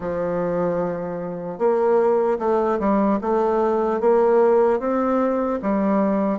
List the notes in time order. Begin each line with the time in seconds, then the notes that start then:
0.00 F3
1.58 A#3
2.38 A3
2.79 G3
3.21 A3
4.00 A#3
4.79 C4
5.61 G3